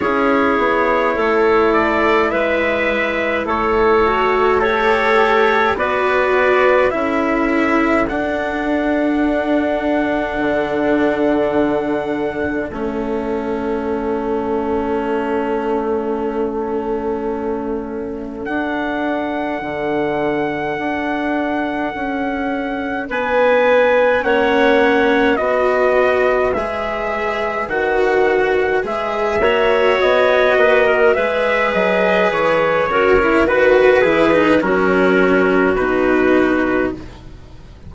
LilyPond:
<<
  \new Staff \with { instrumentName = "trumpet" } { \time 4/4 \tempo 4 = 52 cis''4. d''8 e''4 cis''4 | a'4 d''4 e''4 fis''4~ | fis''2. e''4~ | e''1 |
fis''1 | gis''4 fis''4 dis''4 e''4 | fis''4 e''4 dis''4 e''8 dis''8 | cis''4 b'8 gis'8 ais'4 b'4 | }
  \new Staff \with { instrumentName = "clarinet" } { \time 4/4 gis'4 a'4 b'4 a'4 | cis''4 b'4 a'2~ | a'1~ | a'1~ |
a'1 | b'4 cis''4 b'2~ | b'4. cis''4 b'16 ais'16 b'4~ | b'8 ais'8 b'4 fis'2 | }
  \new Staff \with { instrumentName = "cello" } { \time 4/4 e'2.~ e'8 fis'8 | g'4 fis'4 e'4 d'4~ | d'2. cis'4~ | cis'1 |
d'1~ | d'4 cis'4 fis'4 gis'4 | fis'4 gis'8 fis'4. gis'4~ | gis'8 fis'16 e'16 fis'8 e'16 dis'16 cis'4 dis'4 | }
  \new Staff \with { instrumentName = "bassoon" } { \time 4/4 cis'8 b8 a4 gis4 a4~ | a4 b4 cis'4 d'4~ | d'4 d2 a4~ | a1 |
d'4 d4 d'4 cis'4 | b4 ais4 b4 gis4 | dis4 gis8 ais8 b8 ais8 gis8 fis8 | e8 cis8 dis8 e8 fis4 b,4 | }
>>